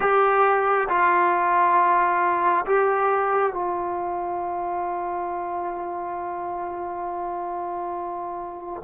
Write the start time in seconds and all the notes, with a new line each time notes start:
0.00 G4
0.88 F4
2.66 G4
3.53 F4